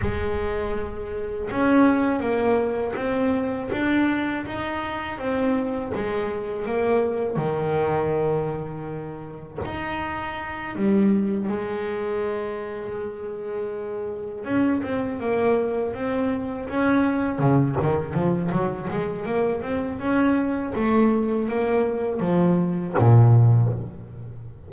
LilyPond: \new Staff \with { instrumentName = "double bass" } { \time 4/4 \tempo 4 = 81 gis2 cis'4 ais4 | c'4 d'4 dis'4 c'4 | gis4 ais4 dis2~ | dis4 dis'4. g4 gis8~ |
gis2.~ gis8 cis'8 | c'8 ais4 c'4 cis'4 cis8 | dis8 f8 fis8 gis8 ais8 c'8 cis'4 | a4 ais4 f4 ais,4 | }